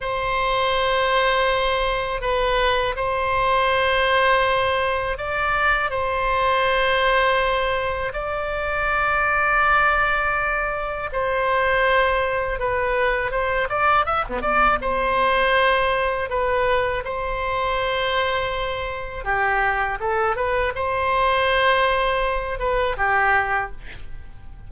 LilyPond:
\new Staff \with { instrumentName = "oboe" } { \time 4/4 \tempo 4 = 81 c''2. b'4 | c''2. d''4 | c''2. d''4~ | d''2. c''4~ |
c''4 b'4 c''8 d''8 e''16 b16 d''8 | c''2 b'4 c''4~ | c''2 g'4 a'8 b'8 | c''2~ c''8 b'8 g'4 | }